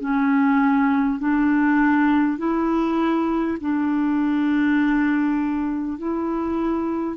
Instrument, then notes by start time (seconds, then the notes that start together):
clarinet
0.00 C#4
1.19 D4
2.38 E4
3.61 D4
5.98 E4